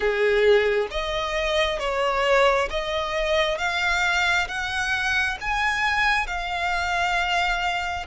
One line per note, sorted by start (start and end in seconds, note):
0.00 0.88 G#4
0.90 1.79 D#5
1.79 2.69 C#5
2.70 3.57 D#5
3.57 4.47 F5
4.48 5.37 F#5
5.41 6.26 G#5
6.26 8.06 F5